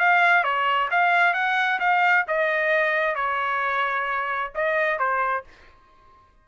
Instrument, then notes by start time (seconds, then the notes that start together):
trumpet
0.00 F5
0.44 C#5
0.91 F5
1.34 F#5
1.80 F5
2.28 D#5
3.16 C#5
4.55 D#5
4.99 C5